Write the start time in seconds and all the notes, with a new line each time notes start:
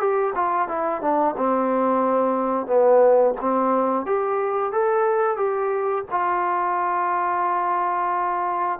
0.00 G4
0.35 F4
0.68 E4
1.01 D4
1.37 C4
2.67 B3
3.41 C4
4.06 G4
4.73 A4
5.37 G4
6.11 F4